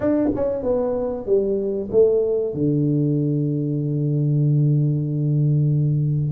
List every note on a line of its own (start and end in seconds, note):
0.00 0.29 D4
0.35 0.62 C#4
0.62 1.25 B3
1.26 1.89 G3
1.91 2.53 A3
2.53 6.32 D3